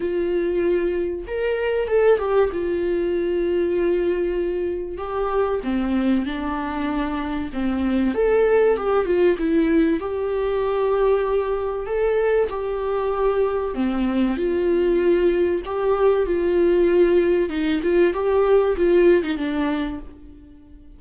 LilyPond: \new Staff \with { instrumentName = "viola" } { \time 4/4 \tempo 4 = 96 f'2 ais'4 a'8 g'8 | f'1 | g'4 c'4 d'2 | c'4 a'4 g'8 f'8 e'4 |
g'2. a'4 | g'2 c'4 f'4~ | f'4 g'4 f'2 | dis'8 f'8 g'4 f'8. dis'16 d'4 | }